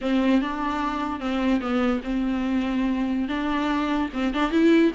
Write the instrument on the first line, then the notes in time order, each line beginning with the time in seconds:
viola
0.01 C4
0.41 D4
1.20 C4
1.60 B3
2.03 C4
3.28 D4
4.13 C4
4.33 D4
4.51 E4